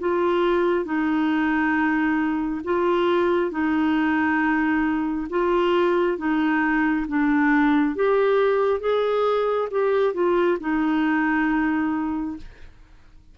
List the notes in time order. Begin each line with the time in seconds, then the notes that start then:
0.00 F4
0.85 D#4
2.65 F4
3.51 D#4
5.30 F4
6.18 D#4
7.08 D4
7.96 G4
8.81 G#4
9.71 G4
10.14 F4
10.60 D#4